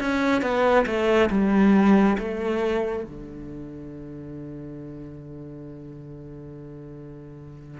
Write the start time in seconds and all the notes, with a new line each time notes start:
0.00 C#4
0.42 B3
0.86 A3
1.30 G3
2.19 A3
3.04 D3